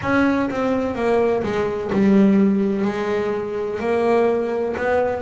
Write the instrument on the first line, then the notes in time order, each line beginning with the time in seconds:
double bass
0.02 C#4
0.50 C4
0.95 A#3
1.43 G#3
1.92 G3
2.84 G#3
3.80 A#3
4.77 B3